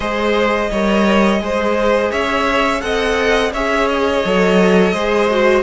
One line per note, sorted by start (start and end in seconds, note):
0.00 0.69 G#3
0.00 0.71 G#4
0.00 0.70 C5
0.00 2.11 D#5
0.70 1.40 G3
0.70 1.40 A#4
0.70 1.41 C#5
1.40 2.10 G#3
1.40 2.81 G#4
1.40 2.11 C5
2.11 2.82 C#4
2.11 2.81 C#5
2.11 2.81 E5
2.81 3.52 C4
2.81 3.51 A4
2.81 3.52 D#5
2.81 3.51 F#5
3.52 4.23 C#4
3.52 4.25 G#4
3.52 4.93 C#5
3.52 3.88 E5
3.88 5.62 D#5
4.24 4.92 F#3
4.24 4.94 A4
4.92 5.62 G#3
4.92 5.29 G#4
4.92 5.62 C5
5.30 5.62 F#4